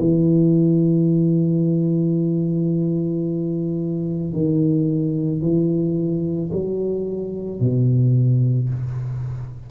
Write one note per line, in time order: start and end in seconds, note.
0.00 4.33 E3
4.33 5.41 D#3
5.41 6.51 E3
6.53 7.61 F#3
7.61 8.70 B2